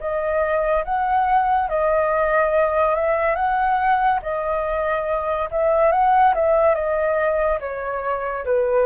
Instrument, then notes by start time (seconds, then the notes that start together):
flute
0.00 D#5
0.85 F#5
1.69 D#5
2.95 E5
3.35 F#5
4.23 D#5
5.51 E5
5.92 F#5
6.35 E5
6.75 D#5
7.60 C#5
8.45 B4